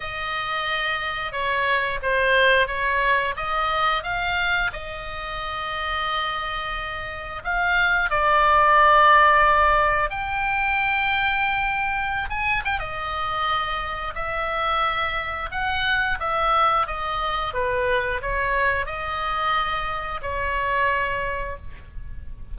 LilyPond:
\new Staff \with { instrumentName = "oboe" } { \time 4/4 \tempo 4 = 89 dis''2 cis''4 c''4 | cis''4 dis''4 f''4 dis''4~ | dis''2. f''4 | d''2. g''4~ |
g''2~ g''16 gis''8 g''16 dis''4~ | dis''4 e''2 fis''4 | e''4 dis''4 b'4 cis''4 | dis''2 cis''2 | }